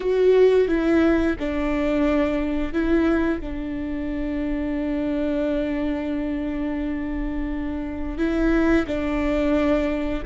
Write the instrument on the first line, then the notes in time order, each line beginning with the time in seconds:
viola
0.00 F#4
0.68 E4
1.39 D4
2.72 E4
3.40 D4
8.18 E4
8.86 D4